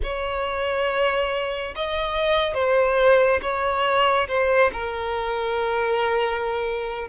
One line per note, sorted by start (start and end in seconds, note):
0.03 1.74 C#5
1.75 2.54 D#5
2.54 3.39 C5
3.41 4.27 C#5
4.27 4.70 C5
4.72 7.08 A#4